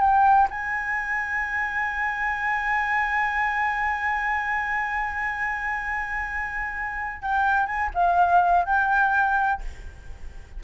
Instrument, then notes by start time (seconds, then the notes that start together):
flute
0.00 G5
0.50 G#5
7.22 G5
7.66 G#5
7.94 F5
8.65 G5